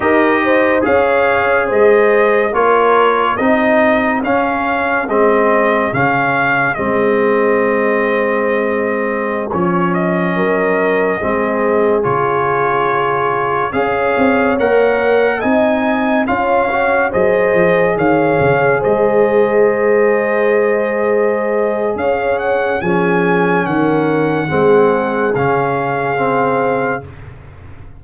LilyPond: <<
  \new Staff \with { instrumentName = "trumpet" } { \time 4/4 \tempo 4 = 71 dis''4 f''4 dis''4 cis''4 | dis''4 f''4 dis''4 f''4 | dis''2.~ dis''16 cis''8 dis''16~ | dis''2~ dis''16 cis''4.~ cis''16~ |
cis''16 f''4 fis''4 gis''4 f''8.~ | f''16 dis''4 f''4 dis''4.~ dis''16~ | dis''2 f''8 fis''8 gis''4 | fis''2 f''2 | }
  \new Staff \with { instrumentName = "horn" } { \time 4/4 ais'8 c''8 cis''4 c''4 ais'4 | gis'1~ | gis'1~ | gis'16 ais'4 gis'2~ gis'8.~ |
gis'16 cis''2 dis''4 cis''8.~ | cis''16 c''4 cis''4 c''4.~ c''16~ | c''2 cis''4 gis'4 | ais'4 gis'2. | }
  \new Staff \with { instrumentName = "trombone" } { \time 4/4 g'4 gis'2 f'4 | dis'4 cis'4 c'4 cis'4 | c'2.~ c'16 cis'8.~ | cis'4~ cis'16 c'4 f'4.~ f'16~ |
f'16 gis'4 ais'4 dis'4 f'8 fis'16~ | fis'16 gis'2.~ gis'8.~ | gis'2. cis'4~ | cis'4 c'4 cis'4 c'4 | }
  \new Staff \with { instrumentName = "tuba" } { \time 4/4 dis'4 cis'4 gis4 ais4 | c'4 cis'4 gis4 cis4 | gis2.~ gis16 f8.~ | f16 fis4 gis4 cis4.~ cis16~ |
cis16 cis'8 c'8 ais4 c'4 cis'8.~ | cis'16 fis8 f8 dis8 cis8 gis4.~ gis16~ | gis2 cis'4 f4 | dis4 gis4 cis2 | }
>>